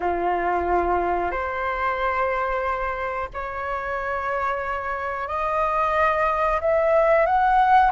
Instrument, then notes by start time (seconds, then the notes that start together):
flute
0.00 F4
1.31 C5
3.33 C#5
5.28 D#5
6.61 E5
7.25 F#5